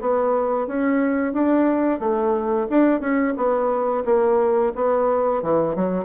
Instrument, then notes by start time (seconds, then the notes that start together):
bassoon
0.00 B3
0.67 C#4
1.33 D4
1.99 A3
2.69 D4
3.00 C#4
3.36 B3
4.05 A#3
4.75 B3
5.42 E3
5.75 F#3